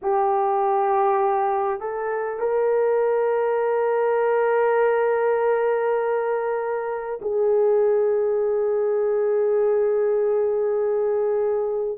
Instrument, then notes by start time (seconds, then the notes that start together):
horn
0.02 G4
1.80 A4
2.39 A#4
7.21 G#4